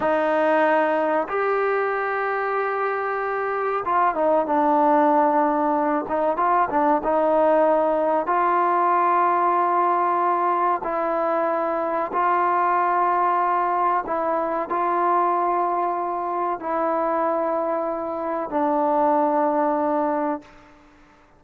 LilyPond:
\new Staff \with { instrumentName = "trombone" } { \time 4/4 \tempo 4 = 94 dis'2 g'2~ | g'2 f'8 dis'8 d'4~ | d'4. dis'8 f'8 d'8 dis'4~ | dis'4 f'2.~ |
f'4 e'2 f'4~ | f'2 e'4 f'4~ | f'2 e'2~ | e'4 d'2. | }